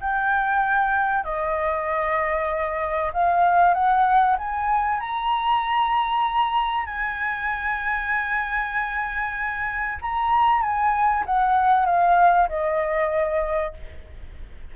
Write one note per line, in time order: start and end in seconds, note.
0.00 1.24 G5
1.24 3.11 D#5
3.13 3.74 F5
3.74 4.36 F#5
4.38 5.00 G#5
5.00 6.86 A#5
6.86 9.98 G#5
10.01 10.61 A#5
10.61 11.24 G#5
11.26 11.86 F#5
11.86 12.48 F5
12.49 13.74 D#5